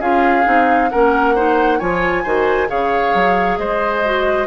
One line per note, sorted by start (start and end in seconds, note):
0.00 0.45 C#4
0.00 0.44 F4
0.00 0.90 G#4
0.00 0.90 F5
0.44 0.92 C4
0.44 0.89 D#4
0.90 1.81 A#3
0.90 1.36 C#4
0.90 1.35 A#4
0.90 1.79 F#5
1.35 1.80 D#4
1.35 1.79 C5
1.79 2.25 F3
1.79 2.25 F4
1.79 2.23 C#5
1.79 2.69 G#5
2.23 2.70 D#3
2.23 2.68 F#4
2.23 2.68 C5
2.68 3.15 C#3
2.68 4.02 G#4
2.68 3.59 C#5
2.68 3.58 F5
3.15 3.58 F#3
3.58 4.47 G#3
3.58 4.47 C5
3.58 4.47 D#5
4.05 4.47 F#4